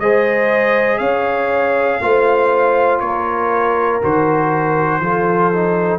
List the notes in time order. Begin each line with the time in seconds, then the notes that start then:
0.00 G#3 G#4 C5 D#5
0.98 C#4 C#5 F5
2.01 A3 F4 C5
3.00 A#3 A#4 C#5
4.02 D#3 F#4 C5
5.00 F3 F4 A4
5.53 D#4